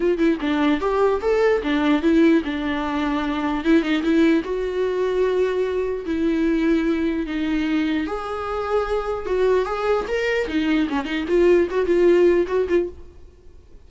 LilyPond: \new Staff \with { instrumentName = "viola" } { \time 4/4 \tempo 4 = 149 f'8 e'8 d'4 g'4 a'4 | d'4 e'4 d'2~ | d'4 e'8 dis'8 e'4 fis'4~ | fis'2. e'4~ |
e'2 dis'2 | gis'2. fis'4 | gis'4 ais'4 dis'4 cis'8 dis'8 | f'4 fis'8 f'4. fis'8 f'8 | }